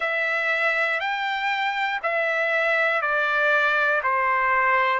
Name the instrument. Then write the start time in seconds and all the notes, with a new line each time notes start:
trumpet
0.00 E5
1.00 G5
2.03 E5
3.01 D5
4.03 C5